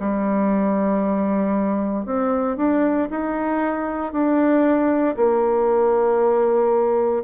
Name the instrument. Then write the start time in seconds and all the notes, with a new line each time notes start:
bassoon
0.00 G3
2.06 C4
2.57 D4
3.11 D#4
4.13 D4
5.17 A#3